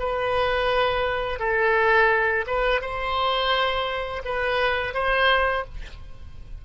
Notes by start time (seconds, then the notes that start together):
0.00 B4
1.40 A4
2.47 B4
2.82 C5
4.25 B4
4.94 C5